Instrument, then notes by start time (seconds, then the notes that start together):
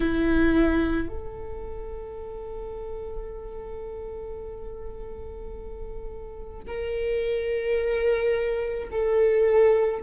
viola
0.00 E4
1.08 A4
6.67 A#4
8.91 A4